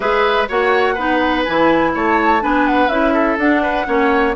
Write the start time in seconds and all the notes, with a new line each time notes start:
0.00 G#3 G#4 B4 E5
0.48 A#3 F#4 C#5 F#5
0.94 B3 D#4 B4
1.43 E3 E4 G#5
1.94 A3 C#5 A5
2.40 B3 D4 B4 G#5
2.67 F#5
2.88 C#4 E4 E5
3.13 A4
3.37 D4 F#5
3.62 B4
3.86 A#3 C#4 C#5